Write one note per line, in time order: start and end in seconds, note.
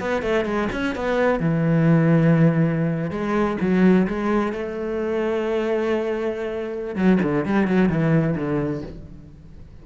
0.00 0.22 B3
0.22 0.45 A3
0.45 0.68 G#3
0.72 0.95 C#4
0.95 1.40 B3
1.40 3.11 E3
3.11 3.57 G#3
3.61 4.07 F#3
4.07 4.53 G#3
4.53 6.96 A3
6.96 7.19 F#3
7.23 7.46 D3
7.46 7.68 G3
7.68 7.89 F#3
7.89 8.36 E3
8.36 8.83 D3